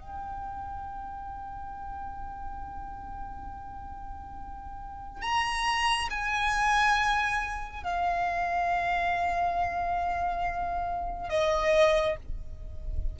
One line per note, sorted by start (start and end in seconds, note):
0.00 5.22 G5
5.22 6.09 A#5
6.10 7.84 G#5
7.84 11.30 F5
11.30 12.17 D#5